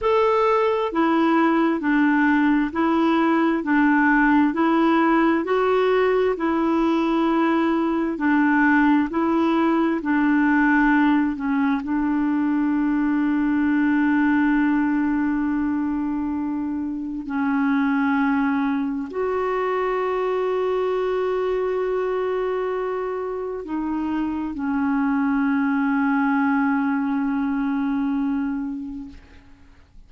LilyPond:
\new Staff \with { instrumentName = "clarinet" } { \time 4/4 \tempo 4 = 66 a'4 e'4 d'4 e'4 | d'4 e'4 fis'4 e'4~ | e'4 d'4 e'4 d'4~ | d'8 cis'8 d'2.~ |
d'2. cis'4~ | cis'4 fis'2.~ | fis'2 dis'4 cis'4~ | cis'1 | }